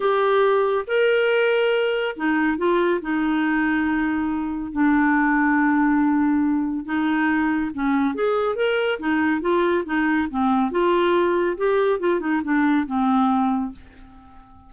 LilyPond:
\new Staff \with { instrumentName = "clarinet" } { \time 4/4 \tempo 4 = 140 g'2 ais'2~ | ais'4 dis'4 f'4 dis'4~ | dis'2. d'4~ | d'1 |
dis'2 cis'4 gis'4 | ais'4 dis'4 f'4 dis'4 | c'4 f'2 g'4 | f'8 dis'8 d'4 c'2 | }